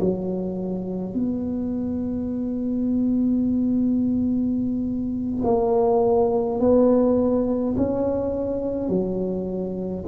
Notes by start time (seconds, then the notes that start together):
0.00 F#3
1.13 B3
5.44 A#3
6.59 B3
7.77 C#4
8.89 F#3